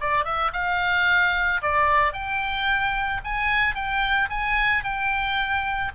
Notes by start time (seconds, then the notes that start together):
0.00 D5
0.24 E5
0.53 F5
1.62 D5
2.13 G5
3.24 G#5
3.75 G5
4.29 G#5
4.84 G5